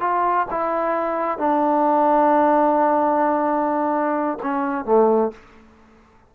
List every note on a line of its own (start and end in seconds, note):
0.00 0.46 F4
0.50 1.38 E4
1.38 4.38 D4
4.42 4.85 C#4
4.85 5.31 A3